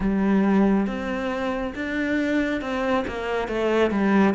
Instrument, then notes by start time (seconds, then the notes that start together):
cello
0.00 G3
0.87 C4
1.75 D4
2.61 C4
3.07 A#3
3.48 A3
3.90 G3